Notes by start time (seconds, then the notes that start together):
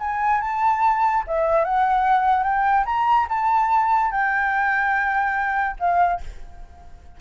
0.00 G#5
0.42 A5
1.28 E5
1.65 F#5
2.44 G5
2.86 A#5
3.29 A5
4.12 G5
5.80 F5